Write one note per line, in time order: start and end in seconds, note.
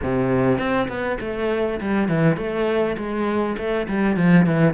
0.02 0.58 C3
0.58 0.88 C4
0.88 1.17 B3
1.20 1.80 A3
1.80 2.08 G3
2.08 2.37 E3
2.37 2.96 A3
2.97 3.56 G#3
3.57 3.87 A3
3.87 4.16 G3
4.16 4.46 F3
4.46 4.74 E3